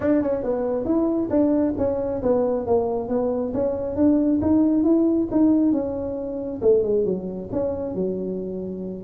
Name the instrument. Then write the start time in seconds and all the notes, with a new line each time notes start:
tuba
0.00 D4
0.21 C#4
0.43 B3
0.85 E4
1.30 D4
1.77 C#4
2.22 B3
2.66 A#3
3.08 B3
3.53 C#4
3.95 D4
4.41 D#4
4.83 E4
5.31 D#4
5.72 C#4
6.61 A3
6.83 G#3
7.05 F#3
7.51 C#4
7.95 F#3